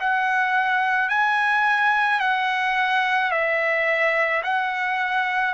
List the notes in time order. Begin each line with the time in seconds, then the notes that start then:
0.00 F#5
1.09 G#5
2.20 F#5
3.31 E5
4.43 F#5